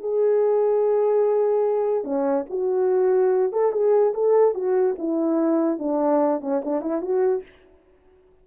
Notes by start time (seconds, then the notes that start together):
0.00 G#4
2.04 C#4
2.50 F#4
3.52 A4
3.72 G#4
4.14 A4
4.54 F#4
4.99 E4
5.79 D4
6.41 C#4
6.65 D4
6.81 E4
7.02 F#4